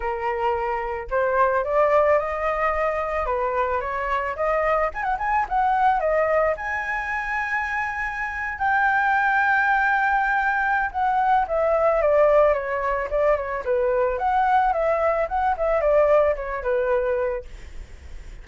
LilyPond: \new Staff \with { instrumentName = "flute" } { \time 4/4 \tempo 4 = 110 ais'2 c''4 d''4 | dis''2 b'4 cis''4 | dis''4 gis''16 fis''16 gis''8 fis''4 dis''4 | gis''2.~ gis''8. g''16~ |
g''1 | fis''4 e''4 d''4 cis''4 | d''8 cis''8 b'4 fis''4 e''4 | fis''8 e''8 d''4 cis''8 b'4. | }